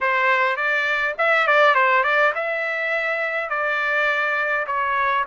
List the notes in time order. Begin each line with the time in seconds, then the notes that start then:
0.00 C5
0.56 D5
1.18 E5
1.47 D5
1.74 C5
2.03 D5
2.34 E5
3.49 D5
4.66 C#5